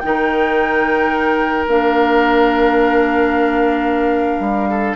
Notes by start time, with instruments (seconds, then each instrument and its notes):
0.00 bassoon D#3, clarinet D#4, oboe A#4, flute G5
1.67 bassoon A#3, clarinet D4, flute F5
4.40 bassoon G3
4.70 oboe A4